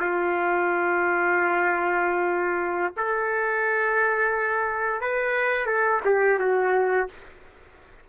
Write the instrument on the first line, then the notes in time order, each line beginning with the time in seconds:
trumpet
0.00 F4
2.97 A4
5.01 B4
5.66 A4
6.05 G4
6.39 F#4